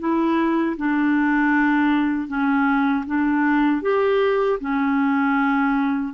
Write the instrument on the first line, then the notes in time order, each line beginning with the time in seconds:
clarinet
0.00 E4
0.78 D4
2.28 C#4
3.07 D4
3.83 G4
4.61 C#4